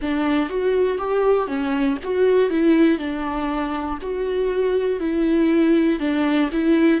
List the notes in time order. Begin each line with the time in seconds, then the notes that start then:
0.01 D4
0.49 F#4
0.98 G4
1.47 C#4
2.03 F#4
2.50 E4
2.98 D4
4.01 F#4
5.00 E4
5.99 D4
6.51 E4